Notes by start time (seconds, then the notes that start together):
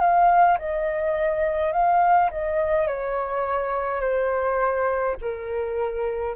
0.00 F5
0.59 D#5
1.73 F5
2.31 D#5
2.87 C#5
4.01 C5
5.22 A#4